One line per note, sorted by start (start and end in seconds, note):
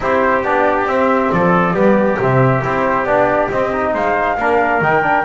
0.00 0.43 C4
0.00 0.43 E4
0.00 1.34 G4
0.00 0.44 C5
0.43 0.86 B3
0.43 0.87 D4
0.43 0.88 D5
0.86 1.30 C4
0.86 1.74 C4
0.86 1.31 E5
1.31 1.73 F3
1.31 1.74 A4
1.31 2.19 D5
1.73 2.17 G3
1.73 2.18 B3
1.73 3.93 G4
2.18 2.62 C3
2.18 2.62 C4
2.18 2.64 E5
2.62 3.04 C4
2.62 3.06 E4
2.62 3.05 C5
3.04 3.48 B3
3.04 3.51 D4
3.04 3.49 D5
3.50 3.94 C4
3.50 3.72 C4
3.50 3.94 D#5
3.72 4.38 D#4
3.93 4.37 G#3
3.93 4.37 C5
3.93 4.82 F5
4.38 4.81 A#3
4.38 4.82 D4
4.38 5.25 A#4
4.81 5.25 D#3
4.81 5.02 D#4
4.81 5.25 G5
5.02 5.24 D4